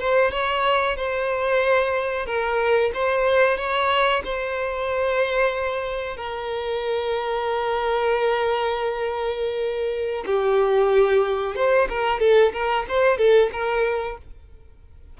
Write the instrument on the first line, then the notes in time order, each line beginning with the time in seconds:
violin
0.00 C5
0.31 C#5
0.97 C5
2.26 A#4
2.94 C5
3.57 C#5
4.25 C5
6.17 A#4
10.26 G4
11.56 C5
11.89 A#4
12.20 A4
12.53 A#4
12.89 C5
13.18 A4
13.53 A#4